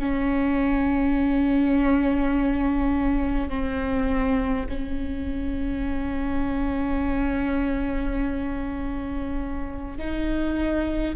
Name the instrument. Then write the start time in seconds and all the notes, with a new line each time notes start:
viola
0.00 C#4
3.50 C4
4.70 C#4
9.98 D#4